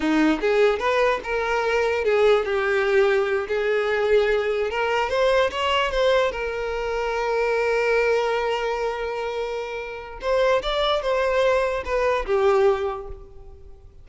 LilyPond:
\new Staff \with { instrumentName = "violin" } { \time 4/4 \tempo 4 = 147 dis'4 gis'4 b'4 ais'4~ | ais'4 gis'4 g'2~ | g'8 gis'2. ais'8~ | ais'8 c''4 cis''4 c''4 ais'8~ |
ais'1~ | ais'1~ | ais'4 c''4 d''4 c''4~ | c''4 b'4 g'2 | }